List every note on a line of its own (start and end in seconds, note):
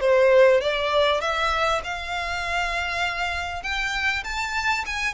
0.00 0.61 C5
0.61 1.21 D5
1.21 1.81 E5
1.83 3.63 F5
3.63 4.23 G5
4.24 4.84 A5
4.86 5.13 G#5